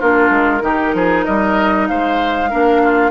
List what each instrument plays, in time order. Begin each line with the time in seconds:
0.00 bassoon A#3, clarinet D4, oboe F4, flute A#4
0.30 bassoon G#3
0.61 bassoon D#3, clarinet D#4, oboe G4
0.94 bassoon F3, oboe G#4
1.25 bassoon G3, oboe A#4, flute D#5
1.88 bassoon G#3, oboe C5, flute F5
2.50 bassoon A#3, clarinet D4, oboe A#4
2.83 oboe F4